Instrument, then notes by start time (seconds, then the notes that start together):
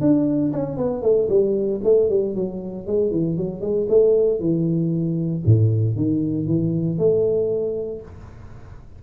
tuba
0.00 D4
0.52 C#4
0.77 B3
1.02 A3
1.29 G3
1.83 A3
2.09 G3
2.35 F#3
2.86 G#3
3.11 E3
3.37 F#3
3.61 G#3
3.88 A3
4.39 E3
5.45 A2
5.96 D#3
6.46 E3
6.98 A3